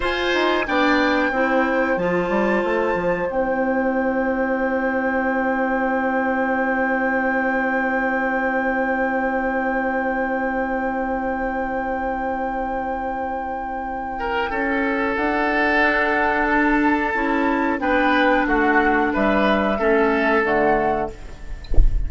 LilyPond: <<
  \new Staff \with { instrumentName = "flute" } { \time 4/4 \tempo 4 = 91 gis''4 g''2 a''4~ | a''4 g''2.~ | g''1~ | g''1~ |
g''1~ | g''2. fis''4~ | fis''4 a''2 g''4 | fis''4 e''2 fis''4 | }
  \new Staff \with { instrumentName = "oboe" } { \time 4/4 c''4 d''4 c''2~ | c''1~ | c''1~ | c''1~ |
c''1~ | c''4. ais'8 a'2~ | a'2. b'4 | fis'4 b'4 a'2 | }
  \new Staff \with { instrumentName = "clarinet" } { \time 4/4 f'4 d'4 e'4 f'4~ | f'4 e'2.~ | e'1~ | e'1~ |
e'1~ | e'1 | d'2 e'4 d'4~ | d'2 cis'4 a4 | }
  \new Staff \with { instrumentName = "bassoon" } { \time 4/4 f'8 dis'8 b4 c'4 f8 g8 | a8 f8 c'2.~ | c'1~ | c'1~ |
c'1~ | c'2 cis'4 d'4~ | d'2 cis'4 b4 | a4 g4 a4 d4 | }
>>